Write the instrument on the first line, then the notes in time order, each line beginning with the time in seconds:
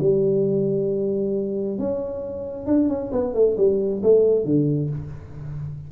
tuba
0.00 G3
1.78 C#4
2.66 D4
2.89 C#4
3.12 B3
3.34 A3
3.58 G3
4.03 A3
4.45 D3